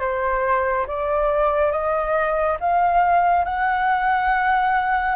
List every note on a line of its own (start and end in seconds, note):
0.00 0.86 C5
0.87 1.71 D5
1.71 2.57 D#5
2.59 3.44 F5
3.44 5.15 F#5